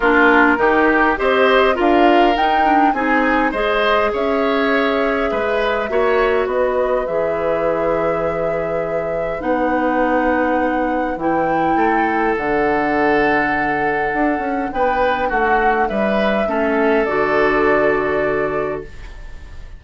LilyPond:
<<
  \new Staff \with { instrumentName = "flute" } { \time 4/4 \tempo 4 = 102 ais'2 dis''4 f''4 | g''4 gis''4 dis''4 e''4~ | e''2. dis''4 | e''1 |
fis''2. g''4~ | g''4 fis''2.~ | fis''4 g''4 fis''4 e''4~ | e''4 d''2. | }
  \new Staff \with { instrumentName = "oboe" } { \time 4/4 f'4 g'4 c''4 ais'4~ | ais'4 gis'4 c''4 cis''4~ | cis''4 b'4 cis''4 b'4~ | b'1~ |
b'1 | a'1~ | a'4 b'4 fis'4 b'4 | a'1 | }
  \new Staff \with { instrumentName = "clarinet" } { \time 4/4 d'4 dis'4 g'4 f'4 | dis'8 d'8 dis'4 gis'2~ | gis'2 fis'2 | gis'1 |
dis'2. e'4~ | e'4 d'2.~ | d'1 | cis'4 fis'2. | }
  \new Staff \with { instrumentName = "bassoon" } { \time 4/4 ais4 dis4 c'4 d'4 | dis'4 c'4 gis4 cis'4~ | cis'4 gis4 ais4 b4 | e1 |
b2. e4 | a4 d2. | d'8 cis'8 b4 a4 g4 | a4 d2. | }
>>